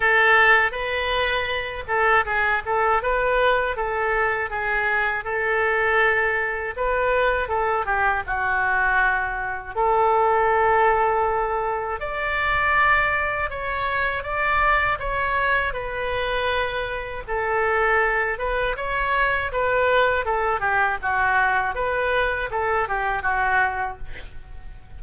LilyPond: \new Staff \with { instrumentName = "oboe" } { \time 4/4 \tempo 4 = 80 a'4 b'4. a'8 gis'8 a'8 | b'4 a'4 gis'4 a'4~ | a'4 b'4 a'8 g'8 fis'4~ | fis'4 a'2. |
d''2 cis''4 d''4 | cis''4 b'2 a'4~ | a'8 b'8 cis''4 b'4 a'8 g'8 | fis'4 b'4 a'8 g'8 fis'4 | }